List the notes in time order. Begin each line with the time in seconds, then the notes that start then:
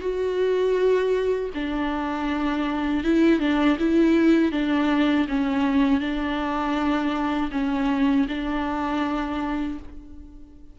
0.00 F#4
1.54 D4
3.03 E4
3.40 D4
3.79 E4
4.52 D4
5.28 C#4
6.00 D4
7.51 C#4
8.28 D4